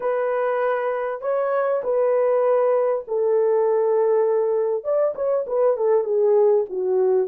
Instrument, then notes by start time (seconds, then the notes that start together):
horn
0.00 B4
1.21 C#5
1.83 B4
3.07 A4
4.83 D5
5.15 C#5
5.47 B4
5.76 A4
6.04 G#4
6.69 F#4